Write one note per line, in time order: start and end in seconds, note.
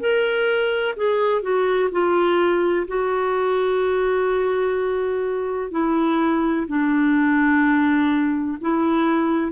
0.00 0.95 A#4
0.96 1.42 G#4
1.42 1.90 F#4
1.91 2.87 F4
2.87 5.71 F#4
5.71 6.67 E4
6.68 8.58 D4
8.61 9.52 E4